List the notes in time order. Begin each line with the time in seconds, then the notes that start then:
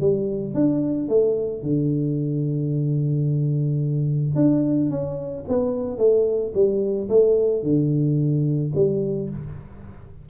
0.00 G3
0.54 D4
1.08 A3
1.62 D3
4.35 D4
4.90 C#4
5.48 B3
5.98 A3
6.54 G3
7.09 A3
7.63 D3
8.74 G3